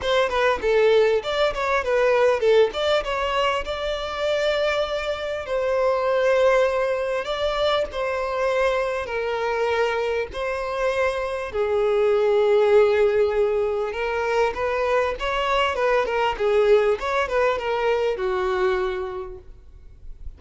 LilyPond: \new Staff \with { instrumentName = "violin" } { \time 4/4 \tempo 4 = 99 c''8 b'8 a'4 d''8 cis''8 b'4 | a'8 d''8 cis''4 d''2~ | d''4 c''2. | d''4 c''2 ais'4~ |
ais'4 c''2 gis'4~ | gis'2. ais'4 | b'4 cis''4 b'8 ais'8 gis'4 | cis''8 b'8 ais'4 fis'2 | }